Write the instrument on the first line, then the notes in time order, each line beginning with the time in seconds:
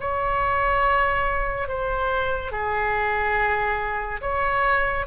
oboe
0.00 C#5
1.68 C5
2.51 G#4
4.21 C#5